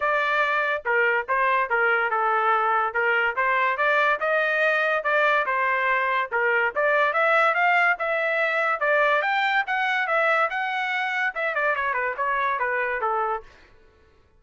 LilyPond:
\new Staff \with { instrumentName = "trumpet" } { \time 4/4 \tempo 4 = 143 d''2 ais'4 c''4 | ais'4 a'2 ais'4 | c''4 d''4 dis''2 | d''4 c''2 ais'4 |
d''4 e''4 f''4 e''4~ | e''4 d''4 g''4 fis''4 | e''4 fis''2 e''8 d''8 | cis''8 b'8 cis''4 b'4 a'4 | }